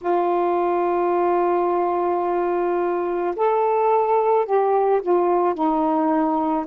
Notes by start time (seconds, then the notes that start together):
0.01 F4
3.35 A4
4.45 G4
5.02 F4
5.54 D#4